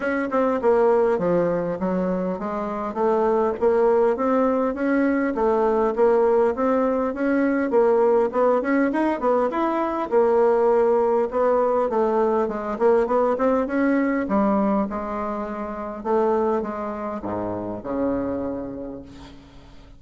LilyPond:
\new Staff \with { instrumentName = "bassoon" } { \time 4/4 \tempo 4 = 101 cis'8 c'8 ais4 f4 fis4 | gis4 a4 ais4 c'4 | cis'4 a4 ais4 c'4 | cis'4 ais4 b8 cis'8 dis'8 b8 |
e'4 ais2 b4 | a4 gis8 ais8 b8 c'8 cis'4 | g4 gis2 a4 | gis4 gis,4 cis2 | }